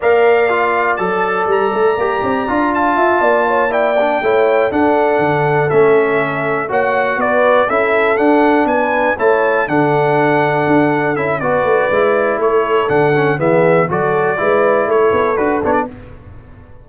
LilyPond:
<<
  \new Staff \with { instrumentName = "trumpet" } { \time 4/4 \tempo 4 = 121 f''2 a''4 ais''4~ | ais''4. a''2 g''8~ | g''4. fis''2 e''8~ | e''4. fis''4 d''4 e''8~ |
e''8 fis''4 gis''4 a''4 fis''8~ | fis''2~ fis''8 e''8 d''4~ | d''4 cis''4 fis''4 e''4 | d''2 cis''4 b'8 cis''16 d''16 | }
  \new Staff \with { instrumentName = "horn" } { \time 4/4 d''1~ | d''4. f''8 e''8 d''8 cis''8 d''8~ | d''8 cis''4 a'2~ a'8~ | a'4. cis''4 b'4 a'8~ |
a'4. b'4 cis''4 a'8~ | a'2. b'4~ | b'4 a'2 gis'4 | a'4 b'4 a'2 | }
  \new Staff \with { instrumentName = "trombone" } { \time 4/4 ais'4 f'4 a'2 | g'4 f'2~ f'8 e'8 | d'8 e'4 d'2 cis'8~ | cis'4. fis'2 e'8~ |
e'8 d'2 e'4 d'8~ | d'2~ d'8 e'8 fis'4 | e'2 d'8 cis'8 b4 | fis'4 e'2 fis'8 d'8 | }
  \new Staff \with { instrumentName = "tuba" } { \time 4/4 ais2 fis4 g8 a8 | ais8 c'8 d'4 f'8 ais4.~ | ais8 a4 d'4 d4 a8~ | a4. ais4 b4 cis'8~ |
cis'8 d'4 b4 a4 d8~ | d4. d'4 cis'8 b8 a8 | gis4 a4 d4 e4 | fis4 gis4 a8 b8 d'8 b8 | }
>>